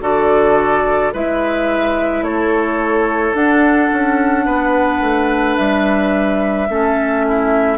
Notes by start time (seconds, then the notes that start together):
0.00 D3 F#4 A4 D5
1.12 G#3 E4 B4 E5
2.21 A3 A4 C#5
3.33 D4 F#5
3.92 C#4
4.45 B3 B4
5.00 A3
5.56 G3 E5
6.69 A3 C#4 A4
7.27 E4